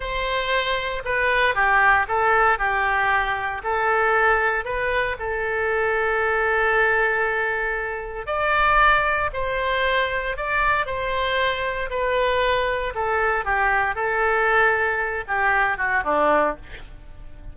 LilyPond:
\new Staff \with { instrumentName = "oboe" } { \time 4/4 \tempo 4 = 116 c''2 b'4 g'4 | a'4 g'2 a'4~ | a'4 b'4 a'2~ | a'1 |
d''2 c''2 | d''4 c''2 b'4~ | b'4 a'4 g'4 a'4~ | a'4. g'4 fis'8 d'4 | }